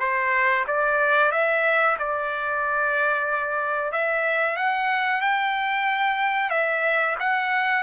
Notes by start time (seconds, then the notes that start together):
0.00 C5
0.68 D5
1.32 E5
1.99 D5
3.93 E5
4.57 F#5
5.22 G5
6.51 E5
7.20 F#5